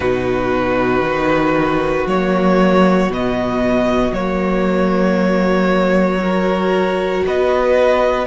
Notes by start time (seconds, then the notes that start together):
0.00 B2 D#4 F#4 B4
1.01 D#3
2.06 F#3 A#3 C#5
3.09 B2 B3 D#5
4.12 F#3 A#3 C#5
6.19 F#4 A#4
7.26 B3 B4 D#5